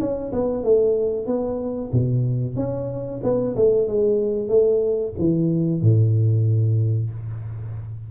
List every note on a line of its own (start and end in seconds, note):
0.00 0.32 C#4
0.33 0.64 B3
0.64 1.27 A3
1.27 1.91 B3
1.93 2.56 B2
2.56 3.21 C#4
3.23 3.56 B3
3.56 3.88 A3
3.88 4.48 G#3
4.48 5.13 A3
5.19 5.82 E3
5.82 7.11 A2